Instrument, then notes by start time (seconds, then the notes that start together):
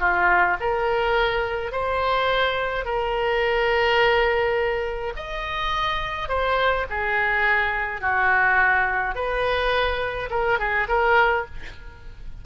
oboe
0.00 F4
0.60 A#4
1.72 C5
2.85 A#4
5.16 D#5
6.29 C5
6.90 G#4
8.01 F#4
9.15 B4
10.31 A#4
10.59 G#4
10.89 A#4